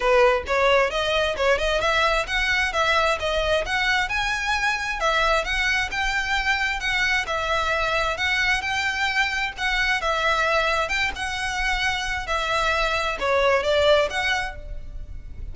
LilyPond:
\new Staff \with { instrumentName = "violin" } { \time 4/4 \tempo 4 = 132 b'4 cis''4 dis''4 cis''8 dis''8 | e''4 fis''4 e''4 dis''4 | fis''4 gis''2 e''4 | fis''4 g''2 fis''4 |
e''2 fis''4 g''4~ | g''4 fis''4 e''2 | g''8 fis''2~ fis''8 e''4~ | e''4 cis''4 d''4 fis''4 | }